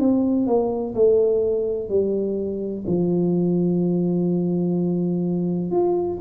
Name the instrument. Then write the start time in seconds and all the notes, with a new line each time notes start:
tuba
0.00 C4
0.47 A#3
0.95 A3
1.90 G3
2.87 F3
5.71 F4